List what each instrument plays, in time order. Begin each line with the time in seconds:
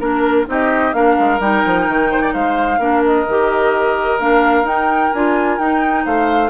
0.00 bassoon A#3, clarinet D4, oboe A#4, flute A#4
0.47 bassoon C4, clarinet D#4, oboe G4, flute D#5
0.94 bassoon A#3, clarinet D4, oboe A#4, flute F5
1.20 bassoon G#3
1.40 bassoon G3, clarinet D#4, flute G5
1.66 bassoon F3
1.88 bassoon D#3
2.12 oboe C5
2.22 oboe D5
2.34 bassoon G#3, oboe C5, flute F5
2.79 bassoon A#3, clarinet D4, oboe A#4
3.06 flute D#5
3.28 bassoon D#3, clarinet G4
4.20 bassoon A#3, clarinet D4, flute F5
4.64 bassoon D#4, clarinet D#4, flute G5
5.13 bassoon D4, clarinet F4, flute G#5
5.59 bassoon D#4, clarinet D#4, flute G5
6.05 bassoon A3, oboe C5, flute F5